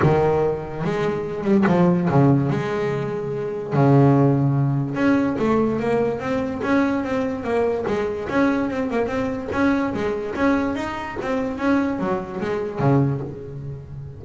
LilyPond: \new Staff \with { instrumentName = "double bass" } { \time 4/4 \tempo 4 = 145 dis2 gis4. g8 | f4 cis4 gis2~ | gis4 cis2. | cis'4 a4 ais4 c'4 |
cis'4 c'4 ais4 gis4 | cis'4 c'8 ais8 c'4 cis'4 | gis4 cis'4 dis'4 c'4 | cis'4 fis4 gis4 cis4 | }